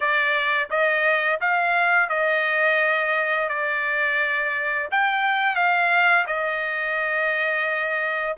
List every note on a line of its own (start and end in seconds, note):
0.00 0.68 D5
0.70 1.40 D#5
1.40 2.09 F5
2.09 3.49 D#5
3.49 4.88 D5
4.91 5.55 G5
5.55 6.25 F5
6.26 8.36 D#5